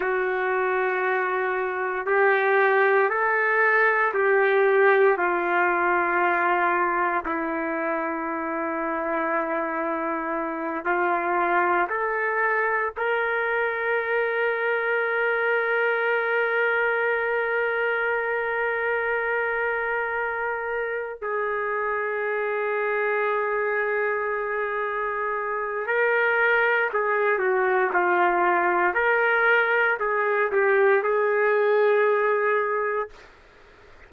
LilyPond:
\new Staff \with { instrumentName = "trumpet" } { \time 4/4 \tempo 4 = 58 fis'2 g'4 a'4 | g'4 f'2 e'4~ | e'2~ e'8 f'4 a'8~ | a'8 ais'2.~ ais'8~ |
ais'1~ | ais'8 gis'2.~ gis'8~ | gis'4 ais'4 gis'8 fis'8 f'4 | ais'4 gis'8 g'8 gis'2 | }